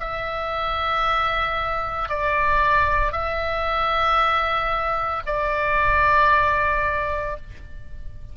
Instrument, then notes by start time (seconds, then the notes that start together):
oboe
0.00 E5
2.09 D5
3.12 E5
5.26 D5